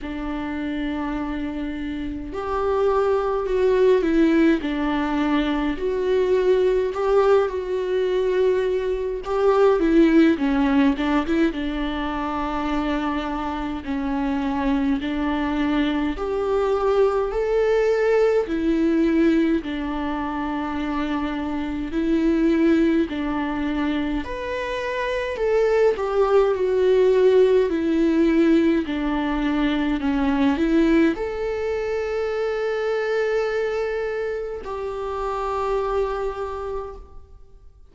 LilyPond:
\new Staff \with { instrumentName = "viola" } { \time 4/4 \tempo 4 = 52 d'2 g'4 fis'8 e'8 | d'4 fis'4 g'8 fis'4. | g'8 e'8 cis'8 d'16 e'16 d'2 | cis'4 d'4 g'4 a'4 |
e'4 d'2 e'4 | d'4 b'4 a'8 g'8 fis'4 | e'4 d'4 cis'8 e'8 a'4~ | a'2 g'2 | }